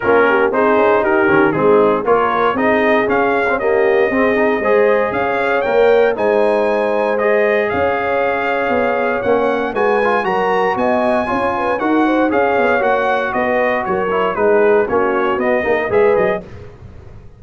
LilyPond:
<<
  \new Staff \with { instrumentName = "trumpet" } { \time 4/4 \tempo 4 = 117 ais'4 c''4 ais'4 gis'4 | cis''4 dis''4 f''4 dis''4~ | dis''2 f''4 g''4 | gis''2 dis''4 f''4~ |
f''2 fis''4 gis''4 | ais''4 gis''2 fis''4 | f''4 fis''4 dis''4 cis''4 | b'4 cis''4 dis''4 e''8 dis''8 | }
  \new Staff \with { instrumentName = "horn" } { \time 4/4 f'8 g'8 gis'4 g'4 dis'4 | ais'4 gis'2 g'4 | gis'4 c''4 cis''2 | c''2. cis''4~ |
cis''2. b'4 | ais'4 dis''4 cis''8 b'8 ais'8 c''8 | cis''2 b'4 ais'4 | gis'4 fis'4. gis'16 ais'16 b'4 | }
  \new Staff \with { instrumentName = "trombone" } { \time 4/4 cis'4 dis'4. cis'8 c'4 | f'4 dis'4 cis'8. c'16 ais4 | c'8 dis'8 gis'2 ais'4 | dis'2 gis'2~ |
gis'2 cis'4 fis'8 f'8 | fis'2 f'4 fis'4 | gis'4 fis'2~ fis'8 e'8 | dis'4 cis'4 b8 dis'8 gis'4 | }
  \new Staff \with { instrumentName = "tuba" } { \time 4/4 ais4 c'8 cis'8 dis'8 dis8 gis4 | ais4 c'4 cis'2 | c'4 gis4 cis'4 ais4 | gis2. cis'4~ |
cis'4 b4 ais4 gis4 | fis4 b4 cis'4 dis'4 | cis'8 b8 ais4 b4 fis4 | gis4 ais4 b8 ais8 gis8 fis8 | }
>>